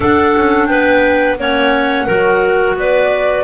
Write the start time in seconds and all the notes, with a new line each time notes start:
0.00 D4 A4 F#5
0.36 C#4
0.66 B3 B4 G5
1.37 A#3 C#4 C#5 F#5
2.06 F#3 F#4 A#4
2.74 B3 B4 D5